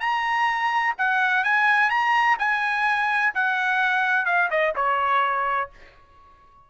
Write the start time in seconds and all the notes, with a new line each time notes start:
0.00 A#5
0.98 F#5
1.44 G#5
1.90 A#5
2.39 G#5
3.34 F#5
4.26 F5
4.50 D#5
4.76 C#5